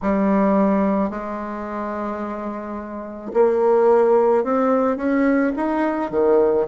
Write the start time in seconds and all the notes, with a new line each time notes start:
0.02 G3
1.10 G#3
3.33 A#3
4.43 C4
4.96 C#4
5.56 D#4
6.11 D#3